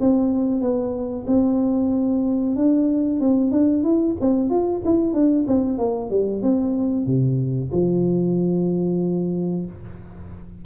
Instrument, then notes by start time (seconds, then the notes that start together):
tuba
0.00 C4
0.61 B3
1.27 C4
2.56 D4
3.20 C4
3.51 D4
3.83 E4
4.20 C4
4.50 F4
4.85 E4
5.13 D4
5.47 C4
5.78 A#3
6.10 G3
6.42 C4
7.06 C3
7.72 F3